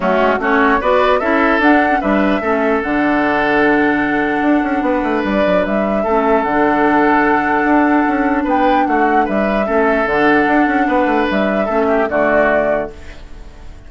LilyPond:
<<
  \new Staff \with { instrumentName = "flute" } { \time 4/4 \tempo 4 = 149 fis'4 cis''4 d''4 e''4 | fis''4 e''2 fis''4~ | fis''1~ | fis''4 d''4 e''2 |
fis''1~ | fis''4 g''4 fis''4 e''4~ | e''4 fis''2. | e''2 d''2 | }
  \new Staff \with { instrumentName = "oboe" } { \time 4/4 cis'4 fis'4 b'4 a'4~ | a'4 b'4 a'2~ | a'1 | b'2. a'4~ |
a'1~ | a'4 b'4 fis'4 b'4 | a'2. b'4~ | b'4 a'8 g'8 fis'2 | }
  \new Staff \with { instrumentName = "clarinet" } { \time 4/4 a4 cis'4 fis'4 e'4 | d'8. cis'16 d'4 cis'4 d'4~ | d'1~ | d'2. cis'4 |
d'1~ | d'1 | cis'4 d'2.~ | d'4 cis'4 a2 | }
  \new Staff \with { instrumentName = "bassoon" } { \time 4/4 fis8 gis8 a4 b4 cis'4 | d'4 g4 a4 d4~ | d2. d'8 cis'8 | b8 a8 g8 fis8 g4 a4 |
d2. d'4 | cis'4 b4 a4 g4 | a4 d4 d'8 cis'8 b8 a8 | g4 a4 d2 | }
>>